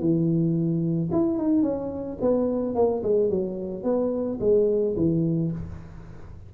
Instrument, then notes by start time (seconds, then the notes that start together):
tuba
0.00 E3
1.12 E4
1.38 D#4
1.63 C#4
2.21 B3
2.75 A#3
3.03 G#3
3.30 F#3
3.84 B3
4.41 G#3
4.96 E3